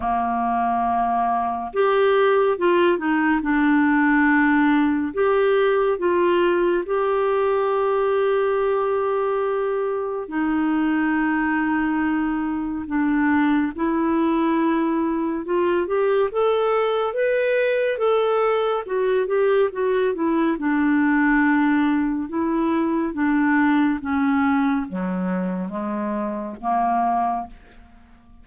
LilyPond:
\new Staff \with { instrumentName = "clarinet" } { \time 4/4 \tempo 4 = 70 ais2 g'4 f'8 dis'8 | d'2 g'4 f'4 | g'1 | dis'2. d'4 |
e'2 f'8 g'8 a'4 | b'4 a'4 fis'8 g'8 fis'8 e'8 | d'2 e'4 d'4 | cis'4 fis4 gis4 ais4 | }